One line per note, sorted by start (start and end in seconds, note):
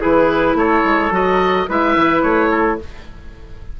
0.00 0.54 E3
0.00 1.10 E4
0.00 0.56 G#4
0.00 0.57 B4
0.54 0.81 A3
0.54 1.68 A4
0.54 1.13 C#5
0.84 1.10 G#3
1.10 1.66 F#3
1.10 1.66 F#4
1.10 1.70 D#5
1.68 1.96 G#3
1.68 2.79 E4
1.68 2.51 B4
1.68 2.22 E5
1.96 2.22 E3
2.22 2.78 A3
2.22 2.77 C#5
2.51 2.78 A4